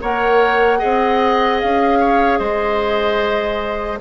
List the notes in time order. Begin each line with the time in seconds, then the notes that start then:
0.00 A#3 A#4 C#5 F#5
0.78 C4 G#4 D#5
1.60 C#4 F5
2.00 C#5
2.39 G#3 C5 D#5